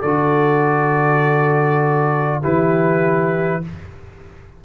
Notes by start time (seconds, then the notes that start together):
0.00 D3 F#4 A4 D5
2.42 E3 E4 G4 B4